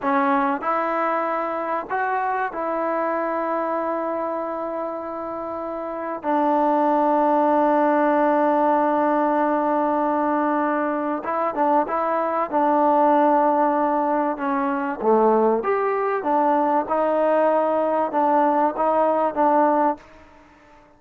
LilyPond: \new Staff \with { instrumentName = "trombone" } { \time 4/4 \tempo 4 = 96 cis'4 e'2 fis'4 | e'1~ | e'2 d'2~ | d'1~ |
d'2 e'8 d'8 e'4 | d'2. cis'4 | a4 g'4 d'4 dis'4~ | dis'4 d'4 dis'4 d'4 | }